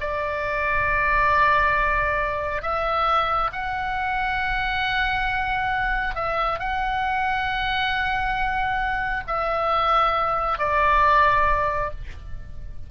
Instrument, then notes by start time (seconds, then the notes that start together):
oboe
0.00 D5
2.62 E5
3.52 F#5
6.15 E5
6.59 F#5
9.27 E5
10.58 D5